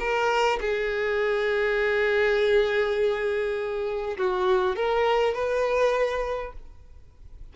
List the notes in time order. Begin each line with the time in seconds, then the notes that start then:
0.00 A#4
0.61 G#4
4.18 F#4
4.76 A#4
5.34 B4